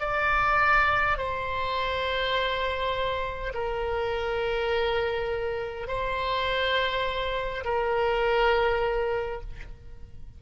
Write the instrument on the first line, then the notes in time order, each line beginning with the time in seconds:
oboe
0.00 D5
1.18 C5
3.54 A#4
5.88 C5
7.65 A#4